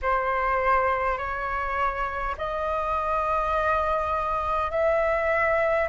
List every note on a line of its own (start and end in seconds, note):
0.02 1.18 C5
1.18 2.35 C#5
2.37 4.71 D#5
4.71 5.88 E5